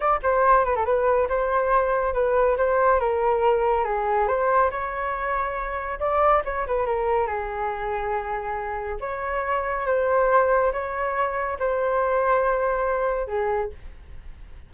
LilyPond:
\new Staff \with { instrumentName = "flute" } { \time 4/4 \tempo 4 = 140 d''8 c''4 b'16 a'16 b'4 c''4~ | c''4 b'4 c''4 ais'4~ | ais'4 gis'4 c''4 cis''4~ | cis''2 d''4 cis''8 b'8 |
ais'4 gis'2.~ | gis'4 cis''2 c''4~ | c''4 cis''2 c''4~ | c''2. gis'4 | }